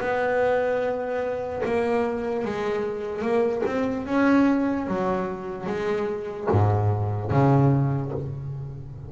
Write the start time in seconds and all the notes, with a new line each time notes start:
0.00 B3
1.65 A#3
2.45 G#3
3.22 A#3
3.66 C4
4.06 C#4
4.87 F#3
5.66 G#3
6.51 G#2
7.31 C#3